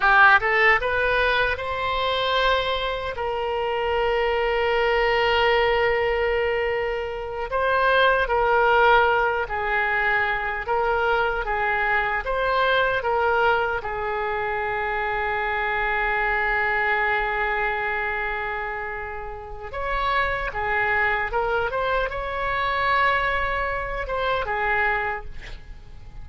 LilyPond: \new Staff \with { instrumentName = "oboe" } { \time 4/4 \tempo 4 = 76 g'8 a'8 b'4 c''2 | ais'1~ | ais'4. c''4 ais'4. | gis'4. ais'4 gis'4 c''8~ |
c''8 ais'4 gis'2~ gis'8~ | gis'1~ | gis'4 cis''4 gis'4 ais'8 c''8 | cis''2~ cis''8 c''8 gis'4 | }